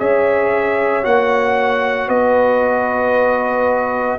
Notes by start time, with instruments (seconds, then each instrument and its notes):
0.00 tuba C#4, trombone G#4, horn C#5, trumpet E5
1.03 tuba A#3, trombone F#4, trumpet F#5
2.08 tuba B3, horn B4, trumpet D#5